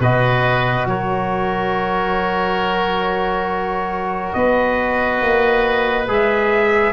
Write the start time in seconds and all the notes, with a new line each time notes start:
0.00 B2 F#4 B4 D#5
0.86 F#3 A#4 C#5
4.33 B3 B4 D#5
5.22 A#3
6.08 G#3 G#4 E5